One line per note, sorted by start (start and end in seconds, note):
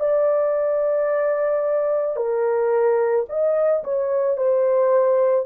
0.00 2.16 D5
2.16 3.25 A#4
3.29 3.84 D#5
3.84 4.37 C#5
4.37 5.46 C5